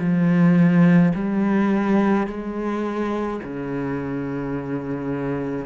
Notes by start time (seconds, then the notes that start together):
0.00 F3
1.15 G3
2.27 G#3
3.44 C#3